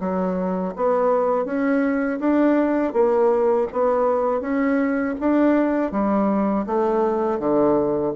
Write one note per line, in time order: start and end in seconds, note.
0.00 0.74 F#3
0.76 1.45 B3
1.45 2.20 C#4
2.20 2.93 D4
2.93 3.67 A#3
3.73 4.41 B3
4.41 5.15 C#4
5.20 5.92 D4
5.92 6.66 G3
6.66 7.39 A3
7.39 8.13 D3